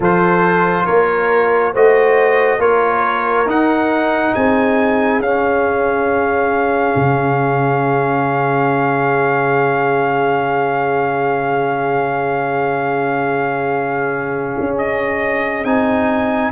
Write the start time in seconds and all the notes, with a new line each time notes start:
0.00 F3 F4 A4 C5
0.85 A#3 A#4 C#5
1.73 A3 F#4 C5 D#5
2.59 A#3 F4 A#4 C#5
3.45 D#4 F#5
4.34 C4 G#4 G#5
5.19 C#4 F5
6.95 C#3
14.59 C#4
14.78 D#5
15.64 C4 D#4 G#5